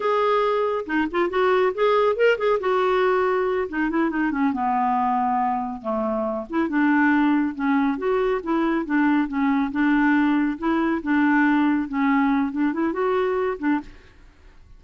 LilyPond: \new Staff \with { instrumentName = "clarinet" } { \time 4/4 \tempo 4 = 139 gis'2 dis'8 f'8 fis'4 | gis'4 ais'8 gis'8 fis'2~ | fis'8 dis'8 e'8 dis'8 cis'8 b4.~ | b4. a4. e'8 d'8~ |
d'4. cis'4 fis'4 e'8~ | e'8 d'4 cis'4 d'4.~ | d'8 e'4 d'2 cis'8~ | cis'4 d'8 e'8 fis'4. d'8 | }